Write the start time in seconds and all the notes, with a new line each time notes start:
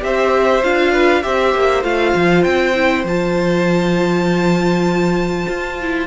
0.00 C4 G4 C5 E5
0.63 D4 F4 F5
0.92 B4
1.22 C4 G4 C5 E5
1.54 A#3
1.82 A3 F4 F5
2.15 F3
2.43 C4 G5
2.74 E4
3.04 F3 F4 A5
5.48 F4
5.81 E4